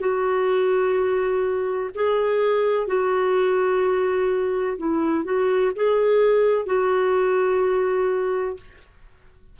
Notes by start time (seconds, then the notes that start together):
0.00 F#4
1.95 G#4
2.87 F#4
4.78 E4
5.25 F#4
5.76 G#4
6.66 F#4